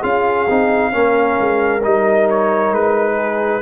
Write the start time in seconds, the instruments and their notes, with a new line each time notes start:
0.00 tuba C#4, trombone F4, horn G#4, trumpet F5
0.50 tuba C4, trombone D#4
0.92 tuba A#3, trombone C#4, horn A#4
1.40 tuba G#3
1.82 tuba G3, trombone D#4, trumpet D#5
2.30 trumpet C#5
2.71 tuba G#3, trumpet B4
3.15 horn G#4